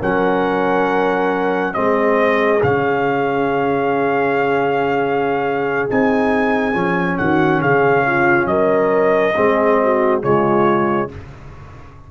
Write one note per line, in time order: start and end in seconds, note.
0.00 1.75 F#3
0.00 1.73 C#4
0.00 1.74 A#4
0.00 1.74 F#5
1.73 2.62 G#3
1.73 2.60 C4
1.73 7.18 G#4
1.73 2.61 D#5
2.63 5.89 C#3
2.63 5.89 C#4
2.63 5.89 F5
5.89 6.74 C4
5.89 6.73 D#4
5.89 7.18 G#5
6.73 7.17 F3
6.73 9.34 C#4
7.18 7.62 D#3
7.18 7.61 F#4
7.18 7.61 F#5
7.61 8.45 C#3
7.61 8.04 G#4
7.61 8.47 F5
8.06 8.49 F4
8.45 9.32 F#3
8.45 9.35 A#4
8.45 10.21 D#5
9.35 10.24 G#3
9.35 10.22 C4
9.35 9.79 G#4
9.83 10.23 F#4
10.22 11.11 C#3
10.22 11.09 G#3
10.22 11.10 F4
10.22 11.10 C#5